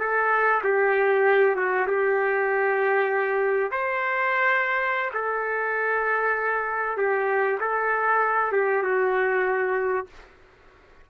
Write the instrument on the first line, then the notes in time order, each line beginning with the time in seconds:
trumpet
0.00 A4
0.64 G4
1.56 F#4
1.87 G4
3.71 C5
5.14 A4
6.97 G4
7.60 A4
8.52 G4
8.83 F#4